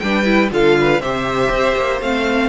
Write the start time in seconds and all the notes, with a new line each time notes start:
0.00 G3 D4 B4 G5
0.25 E4
0.51 D3 F4 A4 F5
0.81 B4
1.01 C3 G4 C5 E5
1.51 C4
1.77 A#3
2.02 A3 C4 F5